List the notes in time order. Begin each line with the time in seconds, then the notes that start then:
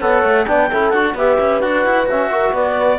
0.00 B3 A4 C#5 F#5
0.23 A3
0.46 B3 D4 D5 G5
0.70 C#4 E4 A4
0.90 D4 F#4 F#5
1.15 B3 G4 B4 E5
1.40 C#4
1.61 D4 F#4 F#5
1.86 E4
2.06 C#4 F#4 E5
2.30 F#4 A#4
2.53 B3 B4 D5